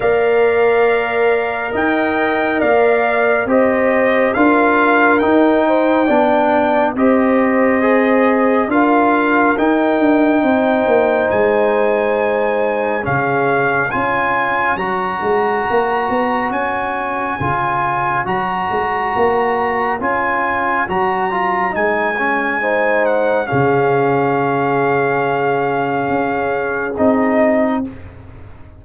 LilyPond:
<<
  \new Staff \with { instrumentName = "trumpet" } { \time 4/4 \tempo 4 = 69 f''2 g''4 f''4 | dis''4 f''4 g''2 | dis''2 f''4 g''4~ | g''4 gis''2 f''4 |
gis''4 ais''2 gis''4~ | gis''4 ais''2 gis''4 | ais''4 gis''4. fis''8 f''4~ | f''2. dis''4 | }
  \new Staff \with { instrumentName = "horn" } { \time 4/4 d''2 dis''4 d''4 | c''4 ais'4. c''8 d''4 | c''2 ais'2 | c''2. gis'4 |
cis''1~ | cis''1~ | cis''2 c''4 gis'4~ | gis'1 | }
  \new Staff \with { instrumentName = "trombone" } { \time 4/4 ais'1 | g'4 f'4 dis'4 d'4 | g'4 gis'4 f'4 dis'4~ | dis'2. cis'4 |
f'4 fis'2. | f'4 fis'2 f'4 | fis'8 f'8 dis'8 cis'8 dis'4 cis'4~ | cis'2. dis'4 | }
  \new Staff \with { instrumentName = "tuba" } { \time 4/4 ais2 dis'4 ais4 | c'4 d'4 dis'4 b4 | c'2 d'4 dis'8 d'8 | c'8 ais8 gis2 cis4 |
cis'4 fis8 gis8 ais8 b8 cis'4 | cis4 fis8 gis8 ais4 cis'4 | fis4 gis2 cis4~ | cis2 cis'4 c'4 | }
>>